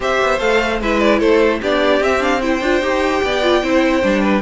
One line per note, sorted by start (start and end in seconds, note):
0.00 0.20 C4
0.00 0.39 G4
0.00 0.80 C5
0.00 0.39 E5
0.22 0.40 B3
0.39 0.80 A3
0.39 0.79 A4
0.39 0.79 F5
0.80 1.21 G#3
0.80 1.62 E4
0.80 1.19 B4
0.80 0.99 E5
0.99 1.19 D5
1.19 1.61 A3
1.19 1.59 A4
1.19 1.60 C5
1.61 2.00 B3
1.61 2.02 D4
1.61 2.42 G4
1.61 2.03 D5
2.00 2.60 C4
2.00 2.19 C4
2.00 2.22 E5
2.19 2.40 D4
2.19 2.41 F5
2.41 2.62 E4
2.41 3.23 C5
2.41 4.41 G5
2.61 2.81 D4
2.61 2.81 F4
2.81 3.21 D#4
2.81 3.42 G4
3.23 3.62 B3
3.23 3.63 D5
3.42 3.62 F4
3.62 4.03 C4
3.62 4.01 E4
3.62 4.22 C5
4.01 4.41 G3
4.01 4.41 D4
4.22 4.41 B4